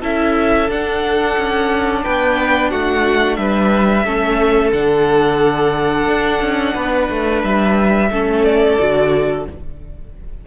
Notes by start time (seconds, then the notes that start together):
0.00 C#4 E4 A4 E5
0.69 D4 F#5
1.37 C#4
2.03 B3 B4 G5
2.70 A3 F#4 F#5
3.36 G3 B4 E5
4.04 A3 C#4 A4
4.72 D3 D4 F#5
6.07 D4
6.41 C#4
6.74 B3 B4
7.10 A3
7.44 G3 E5
8.10 A3 C#4 A4
8.44 D5
8.79 D3 F#4